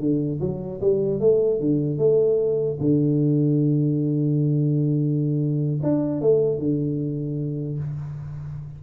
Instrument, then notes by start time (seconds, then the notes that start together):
tuba
0.00 D3
0.41 F#3
0.81 G3
1.20 A3
1.61 D3
1.98 A3
2.81 D3
5.83 D4
6.21 A3
6.59 D3